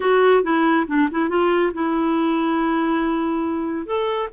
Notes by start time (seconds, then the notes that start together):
0.00 F#4
0.43 E4
0.87 D4
1.11 E4
1.29 F4
1.73 E4
3.85 A4